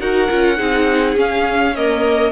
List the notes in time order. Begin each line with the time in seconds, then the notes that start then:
0.00 D#4 F#4 A#4 F#5
0.30 C#4 F4
0.57 C4 D#4 G#4
1.16 C#4 F5
1.76 A#3 A#4 D#5